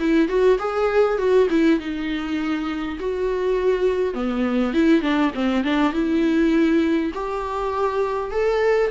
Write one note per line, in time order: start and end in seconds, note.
0.00 0.29 E4
0.29 0.59 F#4
0.59 1.18 G#4
1.18 1.48 F#4
1.51 1.80 E4
1.80 2.99 D#4
3.00 4.14 F#4
4.14 4.74 B3
4.74 5.02 E4
5.02 5.32 D4
5.35 5.64 C4
5.64 5.94 D4
5.94 7.12 E4
7.14 8.32 G4
8.32 8.91 A4